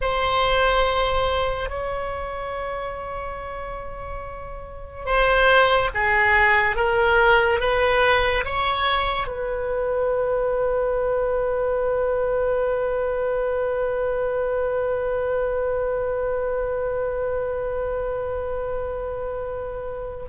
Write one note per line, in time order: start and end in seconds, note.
0.01 1.69 C5
1.69 5.05 C#5
5.05 5.90 C5
5.94 6.76 G#4
6.76 7.60 A#4
7.60 8.44 B4
8.45 9.27 C#5
9.27 20.25 B4